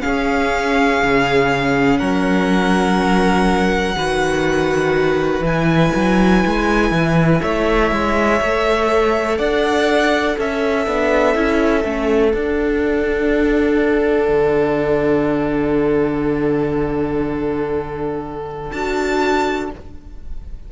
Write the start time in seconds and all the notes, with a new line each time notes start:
0.00 C#4 G#4 F5
1.03 C#3
1.98 F#3 A#4 F#5
3.96 D#3 F#4 B4
5.41 E3 E4 G#5
5.96 F#3
6.46 G#3
6.91 E3
7.42 A3 C#5 E5
7.91 G#3
8.41 A3 A4
9.38 D4 D5 F#5
10.38 C#4 A4 E5
10.86 B3 D4
11.35 C#4 E4
11.83 A3 C#4
12.34 D4 F#5
14.28 D3
18.72 D4 F#4 A5